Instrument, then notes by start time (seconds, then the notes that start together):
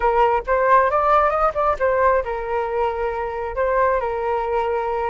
flute
0.00 A#4
0.46 C5
0.90 D5
1.29 D#5
1.54 D5
1.79 C5
2.24 A#4
3.55 C5
4.00 A#4